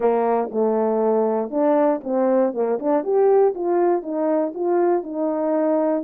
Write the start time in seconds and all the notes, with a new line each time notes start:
0.00 A#3
0.51 A3
1.50 D4
2.03 C4
2.53 A#3
2.79 D4
3.03 G4
3.55 F4
4.02 D#4
4.54 F4
5.03 D#4